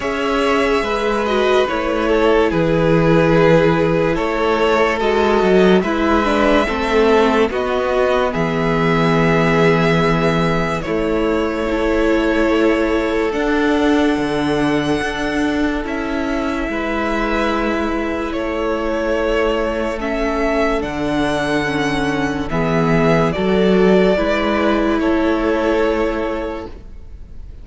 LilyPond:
<<
  \new Staff \with { instrumentName = "violin" } { \time 4/4 \tempo 4 = 72 e''4. dis''8 cis''4 b'4~ | b'4 cis''4 dis''4 e''4~ | e''4 dis''4 e''2~ | e''4 cis''2. |
fis''2. e''4~ | e''2 cis''2 | e''4 fis''2 e''4 | d''2 cis''2 | }
  \new Staff \with { instrumentName = "violin" } { \time 4/4 cis''4 b'4. a'8 gis'4~ | gis'4 a'2 b'4 | a'4 fis'4 gis'2~ | gis'4 e'4 a'2~ |
a'1 | b'2 a'2~ | a'2. gis'4 | a'4 b'4 a'2 | }
  \new Staff \with { instrumentName = "viola" } { \time 4/4 gis'4. fis'8 e'2~ | e'2 fis'4 e'8 d'8 | c'4 b2.~ | b4 a4 e'2 |
d'2. e'4~ | e'1 | cis'4 d'4 cis'4 b4 | fis'4 e'2. | }
  \new Staff \with { instrumentName = "cello" } { \time 4/4 cis'4 gis4 a4 e4~ | e4 a4 gis8 fis8 gis4 | a4 b4 e2~ | e4 a2. |
d'4 d4 d'4 cis'4 | gis2 a2~ | a4 d2 e4 | fis4 gis4 a2 | }
>>